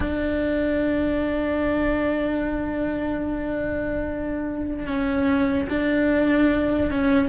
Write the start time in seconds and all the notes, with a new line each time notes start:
0.00 D4
4.86 C#4
5.69 D4
6.91 C#4